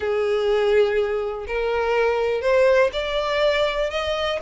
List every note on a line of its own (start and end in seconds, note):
0.00 1.46 G#4
1.47 2.41 A#4
2.41 2.90 C5
2.93 3.90 D5
3.90 4.39 D#5